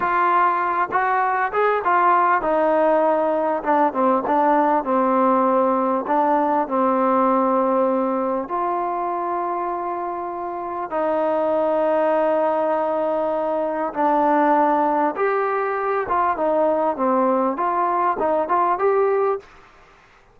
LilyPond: \new Staff \with { instrumentName = "trombone" } { \time 4/4 \tempo 4 = 99 f'4. fis'4 gis'8 f'4 | dis'2 d'8 c'8 d'4 | c'2 d'4 c'4~ | c'2 f'2~ |
f'2 dis'2~ | dis'2. d'4~ | d'4 g'4. f'8 dis'4 | c'4 f'4 dis'8 f'8 g'4 | }